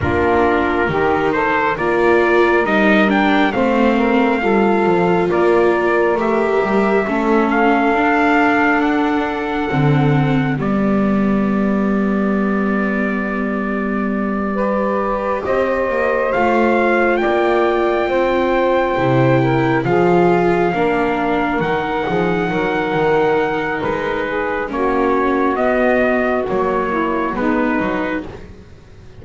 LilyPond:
<<
  \new Staff \with { instrumentName = "trumpet" } { \time 4/4 \tempo 4 = 68 ais'4. c''8 d''4 dis''8 g''8 | f''2 d''4 e''4~ | e''8 f''4. fis''2 | d''1~ |
d''4. dis''4 f''4 g''8~ | g''2~ g''8 f''4.~ | f''8 fis''2~ fis''8 b'4 | cis''4 dis''4 cis''4 b'4 | }
  \new Staff \with { instrumentName = "saxophone" } { \time 4/4 f'4 g'8 a'8 ais'2 | c''8 ais'8 a'4 ais'2 | a'1 | g'1~ |
g'8 b'4 c''2 d''8~ | d''8 c''4. ais'8 gis'4 ais'8~ | ais'4 gis'8 ais'2 gis'8 | fis'2~ fis'8 e'8 dis'4 | }
  \new Staff \with { instrumentName = "viola" } { \time 4/4 d'4 dis'4 f'4 dis'8 d'8 | c'4 f'2 g'4 | cis'4 d'2 c'4 | b1~ |
b8 g'2 f'4.~ | f'4. e'4 f'4 d'8~ | d'8 dis'2.~ dis'8 | cis'4 b4 ais4 b8 dis'8 | }
  \new Staff \with { instrumentName = "double bass" } { \time 4/4 ais4 dis4 ais4 g4 | a4 g8 f8 ais4 a8 g8 | a4 d'2 d4 | g1~ |
g4. c'8 ais8 a4 ais8~ | ais8 c'4 c4 f4 ais8~ | ais8 dis8 f8 fis8 dis4 gis4 | ais4 b4 fis4 gis8 fis8 | }
>>